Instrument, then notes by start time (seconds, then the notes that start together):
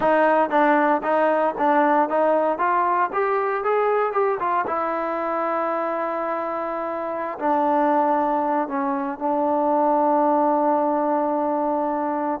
trombone
0.00 D#4
0.49 D4
1.03 D#4
1.58 D4
2.09 D#4
2.58 F4
3.12 G4
3.63 G#4
4.12 G4
4.39 F4
4.66 E4
7.38 D4
8.68 C#4
9.18 D4